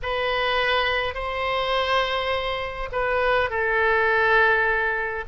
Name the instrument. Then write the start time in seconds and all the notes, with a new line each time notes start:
oboe
0.02 B4
1.14 C5
2.92 B4
3.50 A4